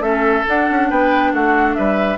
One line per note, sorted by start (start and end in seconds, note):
0.00 0.43 A3
0.00 0.44 C#4
0.00 0.88 A4
0.00 0.45 E5
0.48 2.18 D4
0.48 0.70 D4
0.48 0.91 F#5
0.71 0.91 C#4
0.90 1.33 B3
0.90 1.33 B4
0.90 1.33 G5
1.33 1.76 A3
1.33 1.77 F#4
1.33 1.75 F#5
1.75 2.18 G3
1.75 2.18 B4
1.75 2.18 E5